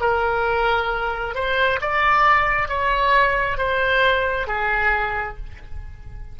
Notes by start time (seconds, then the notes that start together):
0.00 A#4
1.34 C5
1.81 D5
2.68 C#5
3.57 C5
4.47 G#4